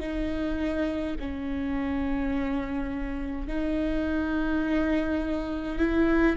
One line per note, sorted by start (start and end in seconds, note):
0.00 1.15 D#4
1.20 3.48 C#4
3.48 5.78 D#4
5.78 6.36 E4